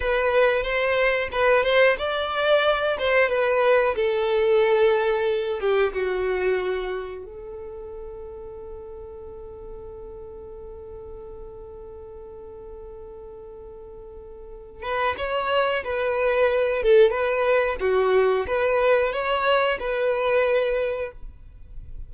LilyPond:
\new Staff \with { instrumentName = "violin" } { \time 4/4 \tempo 4 = 91 b'4 c''4 b'8 c''8 d''4~ | d''8 c''8 b'4 a'2~ | a'8 g'8 fis'2 a'4~ | a'1~ |
a'1~ | a'2~ a'8 b'8 cis''4 | b'4. a'8 b'4 fis'4 | b'4 cis''4 b'2 | }